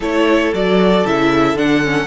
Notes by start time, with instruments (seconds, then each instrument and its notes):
0.00 cello A3, viola E4, violin A4 C#5
0.53 cello F#3, viola F#4, violin D5
1.05 cello C#3, viola E4, violin E5
1.54 cello D3, viola D4, violin F#5
1.83 viola C#4